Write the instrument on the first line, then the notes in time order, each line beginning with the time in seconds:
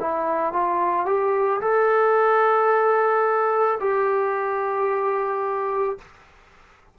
trombone
0.00 E4
0.53 F4
1.06 G4
1.61 A4
3.79 G4